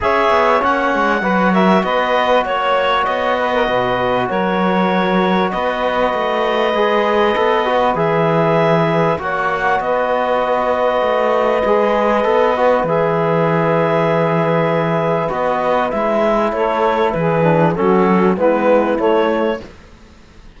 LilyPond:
<<
  \new Staff \with { instrumentName = "clarinet" } { \time 4/4 \tempo 4 = 98 e''4 fis''4. e''8 dis''4 | cis''4 dis''2 cis''4~ | cis''4 dis''2.~ | dis''4 e''2 fis''4 |
dis''1~ | dis''4 e''2.~ | e''4 dis''4 e''4 cis''4 | b'4 a'4 b'4 cis''4 | }
  \new Staff \with { instrumentName = "saxophone" } { \time 4/4 cis''2 b'8 ais'8 b'4 | cis''4. b'16 ais'16 b'4 ais'4~ | ais'4 b'2.~ | b'2. cis''4 |
b'1~ | b'1~ | b'2. a'4 | gis'4 fis'4 e'2 | }
  \new Staff \with { instrumentName = "trombone" } { \time 4/4 gis'4 cis'4 fis'2~ | fis'1~ | fis'2. gis'4 | a'8 fis'8 gis'2 fis'4~ |
fis'2. gis'4 | a'8 fis'8 gis'2.~ | gis'4 fis'4 e'2~ | e'8 d'8 cis'4 b4 a4 | }
  \new Staff \with { instrumentName = "cello" } { \time 4/4 cis'8 b8 ais8 gis8 fis4 b4 | ais4 b4 b,4 fis4~ | fis4 b4 a4 gis4 | b4 e2 ais4 |
b2 a4 gis4 | b4 e2.~ | e4 b4 gis4 a4 | e4 fis4 gis4 a4 | }
>>